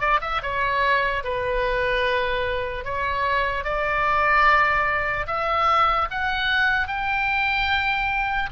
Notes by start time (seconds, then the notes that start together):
0.00 D5
0.21 E5
0.42 C#5
1.23 B4
2.85 C#5
3.64 D5
5.27 E5
6.11 F#5
6.87 G5